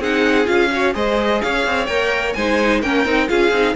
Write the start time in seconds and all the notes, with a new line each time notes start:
0.00 C4 D#4 G#4 F#5
0.45 C#4 F4 F5
0.71 F#4 C#5
0.93 G#3 G#4 C5 D#5
1.42 C#4 C#5 F5
1.66 C4
1.86 A#3 A#4 G5
2.34 G#3 D#4 C5 G#5
2.82 A#3 C#4 A#4 G5
3.05 C4 D#4
3.28 C#4 F4 G#4 F5
3.51 C4 D#4